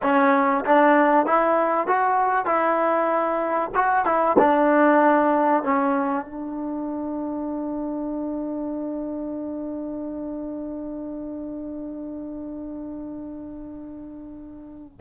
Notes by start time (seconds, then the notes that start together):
0.02 C#4
0.65 D4
1.26 E4
1.87 F#4
2.45 E4
3.74 F#4
4.05 E4
4.38 D4
5.63 C#4
6.25 D4